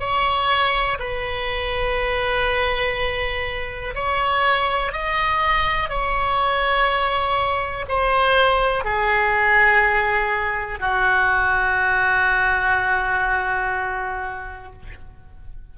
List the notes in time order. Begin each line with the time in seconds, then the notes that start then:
0.00 C#5
1.00 B4
3.95 C#5
4.93 D#5
5.89 C#5
7.89 C5
8.85 G#4
10.80 F#4